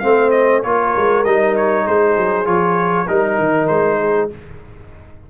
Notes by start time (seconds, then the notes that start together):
0.00 A3 C4 C5 F5
0.31 D#5
0.63 A#3 F4 A#4 C#5
0.97 G#3
1.25 G3 D#4 D#5
1.57 C#5
1.84 G#3 G#4 C5
2.18 F#3
2.46 F3 F4 C#5
3.07 G3 D#4 A#4
3.39 D#3
3.68 G#3 C5
4.00 G#4